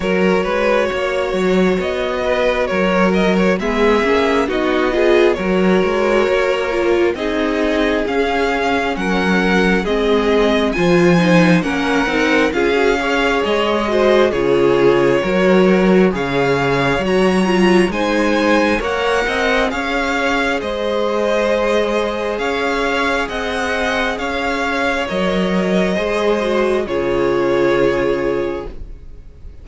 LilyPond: <<
  \new Staff \with { instrumentName = "violin" } { \time 4/4 \tempo 4 = 67 cis''2 dis''4 cis''8 dis''16 cis''16 | e''4 dis''4 cis''2 | dis''4 f''4 fis''4 dis''4 | gis''4 fis''4 f''4 dis''4 |
cis''2 f''4 ais''4 | gis''4 fis''4 f''4 dis''4~ | dis''4 f''4 fis''4 f''4 | dis''2 cis''2 | }
  \new Staff \with { instrumentName = "violin" } { \time 4/4 ais'8 b'8 cis''4. b'8 ais'4 | gis'4 fis'8 gis'8 ais'2 | gis'2 ais'4 gis'4 | c''4 ais'4 gis'8 cis''4 c''8 |
gis'4 ais'4 cis''2 | c''4 cis''8 dis''8 cis''4 c''4~ | c''4 cis''4 dis''4 cis''4~ | cis''4 c''4 gis'2 | }
  \new Staff \with { instrumentName = "viola" } { \time 4/4 fis'1 | b8 cis'8 dis'8 f'8 fis'4. f'8 | dis'4 cis'2 c'4 | f'8 dis'8 cis'8 dis'8 f'16 fis'16 gis'4 fis'8 |
f'4 fis'4 gis'4 fis'8 f'8 | dis'4 ais'4 gis'2~ | gis'1 | ais'4 gis'8 fis'8 f'2 | }
  \new Staff \with { instrumentName = "cello" } { \time 4/4 fis8 gis8 ais8 fis8 b4 fis4 | gis8 ais8 b4 fis8 gis8 ais4 | c'4 cis'4 fis4 gis4 | f4 ais8 c'8 cis'4 gis4 |
cis4 fis4 cis4 fis4 | gis4 ais8 c'8 cis'4 gis4~ | gis4 cis'4 c'4 cis'4 | fis4 gis4 cis2 | }
>>